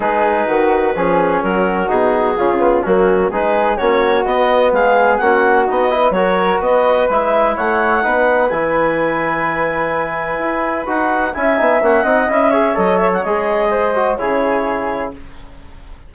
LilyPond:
<<
  \new Staff \with { instrumentName = "clarinet" } { \time 4/4 \tempo 4 = 127 b'2. ais'4 | gis'2 fis'4 b'4 | cis''4 dis''4 f''4 fis''4 | dis''4 cis''4 dis''4 e''4 |
fis''2 gis''2~ | gis''2. fis''4 | gis''4 fis''4 e''4 dis''8 e''16 fis''16 | dis''2 cis''2 | }
  \new Staff \with { instrumentName = "flute" } { \time 4/4 gis'4 fis'4 gis'4 fis'4~ | fis'4 f'4 cis'4 gis'4 | fis'2 gis'4 fis'4~ | fis'8 b'8 ais'4 b'2 |
cis''4 b'2.~ | b'1 | e''4. dis''4 cis''4.~ | cis''4 c''4 gis'2 | }
  \new Staff \with { instrumentName = "trombone" } { \time 4/4 dis'2 cis'2 | dis'4 cis'8 b8 ais4 dis'4 | cis'4 b2 cis'4 | dis'8 e'8 fis'2 e'4~ |
e'4 dis'4 e'2~ | e'2. fis'4 | e'8 dis'8 cis'8 dis'8 e'8 gis'8 a'4 | gis'4. fis'8 e'2 | }
  \new Staff \with { instrumentName = "bassoon" } { \time 4/4 gis4 dis4 f4 fis4 | b,4 cis4 fis4 gis4 | ais4 b4 gis4 ais4 | b4 fis4 b4 gis4 |
a4 b4 e2~ | e2 e'4 dis'4 | cis'8 b8 ais8 c'8 cis'4 fis4 | gis2 cis2 | }
>>